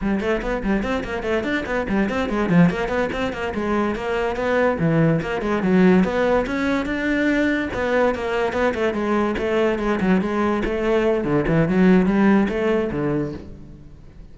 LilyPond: \new Staff \with { instrumentName = "cello" } { \time 4/4 \tempo 4 = 144 g8 a8 b8 g8 c'8 ais8 a8 d'8 | b8 g8 c'8 gis8 f8 ais8 b8 c'8 | ais8 gis4 ais4 b4 e8~ | e8 ais8 gis8 fis4 b4 cis'8~ |
cis'8 d'2 b4 ais8~ | ais8 b8 a8 gis4 a4 gis8 | fis8 gis4 a4. d8 e8 | fis4 g4 a4 d4 | }